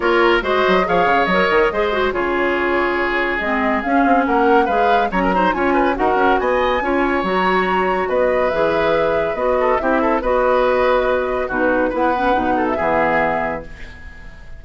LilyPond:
<<
  \new Staff \with { instrumentName = "flute" } { \time 4/4 \tempo 4 = 141 cis''4 dis''4 f''4 dis''4~ | dis''4 cis''2. | dis''4 f''4 fis''4 f''4 | ais''4 gis''4 fis''4 gis''4~ |
gis''4 ais''2 dis''4 | e''2 dis''4 e''4 | dis''2. b'4 | fis''4.~ fis''16 e''2~ e''16 | }
  \new Staff \with { instrumentName = "oboe" } { \time 4/4 ais'4 c''4 cis''2 | c''4 gis'2.~ | gis'2 ais'4 b'4 | cis''16 ais'16 c''8 cis''8 b'8 ais'4 dis''4 |
cis''2. b'4~ | b'2~ b'8 a'8 g'8 a'8 | b'2. fis'4 | b'4. a'8 gis'2 | }
  \new Staff \with { instrumentName = "clarinet" } { \time 4/4 f'4 fis'4 gis'4 ais'4 | gis'8 fis'8 f'2. | c'4 cis'2 gis'4 | cis'8 dis'8 f'4 fis'2 |
f'4 fis'2. | gis'2 fis'4 e'4 | fis'2. dis'4 | e'8 cis'8 dis'4 b2 | }
  \new Staff \with { instrumentName = "bassoon" } { \time 4/4 ais4 gis8 fis8 f8 cis8 fis8 dis8 | gis4 cis2. | gis4 cis'8 c'8 ais4 gis4 | fis4 cis'4 dis'8 cis'8 b4 |
cis'4 fis2 b4 | e2 b4 c'4 | b2. b,4 | b4 b,4 e2 | }
>>